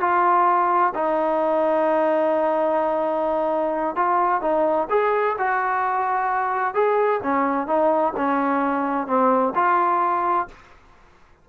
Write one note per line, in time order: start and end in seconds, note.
0.00 0.93 F4
0.95 3.96 D#4
3.96 4.41 F4
4.41 4.88 D#4
4.90 5.36 G#4
5.38 6.74 F#4
6.74 7.20 G#4
7.23 7.67 C#4
7.67 8.13 D#4
8.16 9.07 C#4
9.07 9.53 C4
9.55 10.48 F4